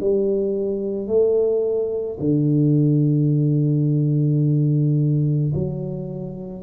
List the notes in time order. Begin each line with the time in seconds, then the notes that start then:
0.00 G3
1.07 A3
2.19 D3
5.54 F#3